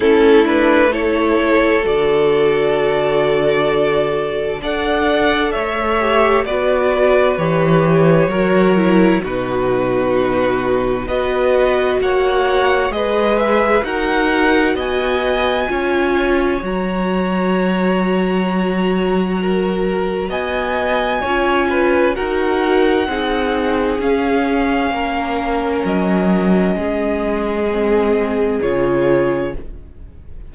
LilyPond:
<<
  \new Staff \with { instrumentName = "violin" } { \time 4/4 \tempo 4 = 65 a'8 b'8 cis''4 d''2~ | d''4 fis''4 e''4 d''4 | cis''2 b'2 | dis''4 fis''4 dis''8 e''8 fis''4 |
gis''2 ais''2~ | ais''2 gis''2 | fis''2 f''2 | dis''2. cis''4 | }
  \new Staff \with { instrumentName = "violin" } { \time 4/4 e'4 a'2.~ | a'4 d''4 cis''4 b'4~ | b'4 ais'4 fis'2 | b'4 cis''4 b'4 ais'4 |
dis''4 cis''2.~ | cis''4 ais'4 dis''4 cis''8 b'8 | ais'4 gis'2 ais'4~ | ais'4 gis'2. | }
  \new Staff \with { instrumentName = "viola" } { \time 4/4 cis'8 d'8 e'4 fis'2~ | fis'4 a'4. g'8 fis'4 | g'4 fis'8 e'8 dis'2 | fis'2 gis'4 fis'4~ |
fis'4 f'4 fis'2~ | fis'2. f'4 | fis'4 dis'4 cis'2~ | cis'2 c'4 f'4 | }
  \new Staff \with { instrumentName = "cello" } { \time 4/4 a2 d2~ | d4 d'4 a4 b4 | e4 fis4 b,2 | b4 ais4 gis4 dis'4 |
b4 cis'4 fis2~ | fis2 b4 cis'4 | dis'4 c'4 cis'4 ais4 | fis4 gis2 cis4 | }
>>